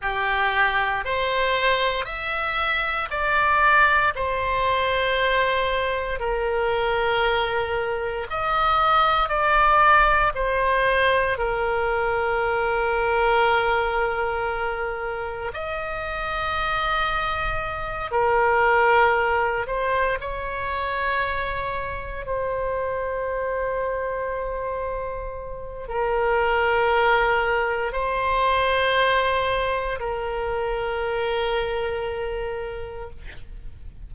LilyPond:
\new Staff \with { instrumentName = "oboe" } { \time 4/4 \tempo 4 = 58 g'4 c''4 e''4 d''4 | c''2 ais'2 | dis''4 d''4 c''4 ais'4~ | ais'2. dis''4~ |
dis''4. ais'4. c''8 cis''8~ | cis''4. c''2~ c''8~ | c''4 ais'2 c''4~ | c''4 ais'2. | }